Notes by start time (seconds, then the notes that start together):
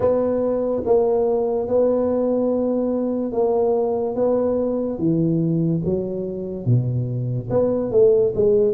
0.00 B3
0.85 A#3
1.68 B3
3.31 A#3
4.15 B3
4.98 E3
5.84 F#3
6.65 B2
7.50 B3
7.91 A3
8.35 G#3